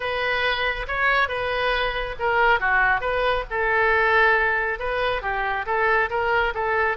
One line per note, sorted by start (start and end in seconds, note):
0.00 0.86 B4
0.87 1.28 C#5
1.28 2.15 B4
2.19 2.60 A#4
2.60 3.00 F#4
3.00 3.44 B4
3.50 4.79 A4
4.79 5.22 B4
5.22 5.65 G4
5.66 6.09 A4
6.10 6.53 A#4
6.54 6.97 A4